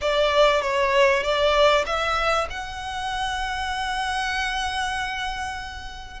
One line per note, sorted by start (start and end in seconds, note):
0.01 0.61 D5
0.61 1.23 C#5
1.23 1.84 D5
1.86 2.47 E5
2.50 6.20 F#5